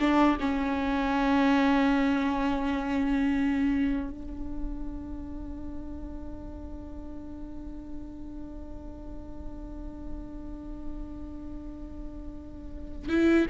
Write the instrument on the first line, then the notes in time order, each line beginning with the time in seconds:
viola
0.00 D4
0.40 C#4
4.10 D4
13.08 E4